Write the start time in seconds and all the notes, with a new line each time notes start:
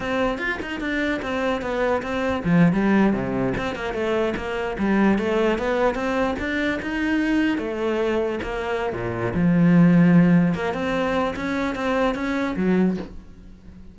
0.00 C4
0.38 F4
0.62 D#4
0.80 D4
1.22 C4
1.61 B3
2.02 C4
2.44 F3
2.72 G3
3.13 C3
3.57 C4
3.75 A#3
3.93 A3
4.36 A#3
4.78 G3
5.18 A3
5.58 B3
5.94 C4
6.39 D4
6.82 D#4
7.58 A3
8.43 A#3
8.92 A#2
9.34 F3
10.54 A#3
10.73 C4
11.36 C#4
11.75 C4
12.14 C#4
12.56 F#3